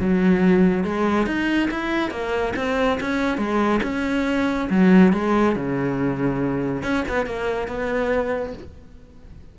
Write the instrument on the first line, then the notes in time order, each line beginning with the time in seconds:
cello
0.00 F#3
0.85 G#3
1.27 D#4
1.71 E4
2.11 A#3
2.57 C4
3.01 C#4
3.38 G#3
3.83 C#4
4.70 F#3
5.13 G#3
5.56 C#3
6.83 C#4
7.09 B3
7.26 A#3
7.68 B3